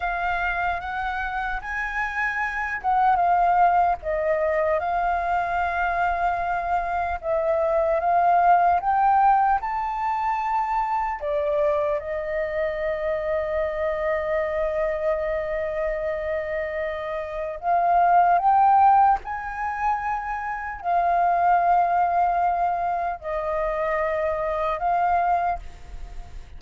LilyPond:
\new Staff \with { instrumentName = "flute" } { \time 4/4 \tempo 4 = 75 f''4 fis''4 gis''4. fis''8 | f''4 dis''4 f''2~ | f''4 e''4 f''4 g''4 | a''2 d''4 dis''4~ |
dis''1~ | dis''2 f''4 g''4 | gis''2 f''2~ | f''4 dis''2 f''4 | }